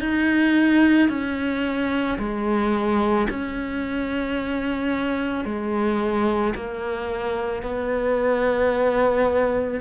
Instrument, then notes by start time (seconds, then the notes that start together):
cello
0.00 D#4
1.09 C#4
2.18 G#3
3.30 C#4
5.45 G#3
6.55 A#3
7.63 B3